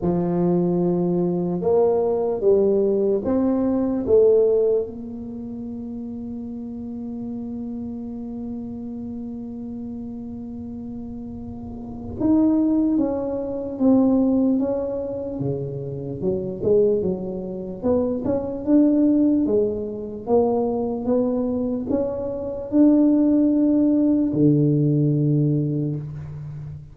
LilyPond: \new Staff \with { instrumentName = "tuba" } { \time 4/4 \tempo 4 = 74 f2 ais4 g4 | c'4 a4 ais2~ | ais1~ | ais2. dis'4 |
cis'4 c'4 cis'4 cis4 | fis8 gis8 fis4 b8 cis'8 d'4 | gis4 ais4 b4 cis'4 | d'2 d2 | }